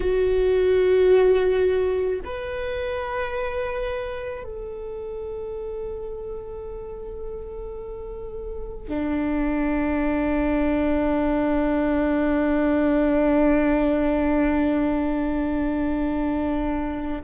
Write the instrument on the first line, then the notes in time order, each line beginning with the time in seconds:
viola
0.00 F#4
2.24 B4
4.43 A4
8.88 D4